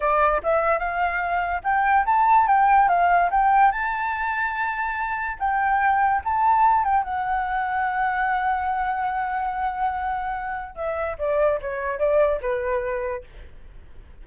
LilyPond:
\new Staff \with { instrumentName = "flute" } { \time 4/4 \tempo 4 = 145 d''4 e''4 f''2 | g''4 a''4 g''4 f''4 | g''4 a''2.~ | a''4 g''2 a''4~ |
a''8 g''8 fis''2.~ | fis''1~ | fis''2 e''4 d''4 | cis''4 d''4 b'2 | }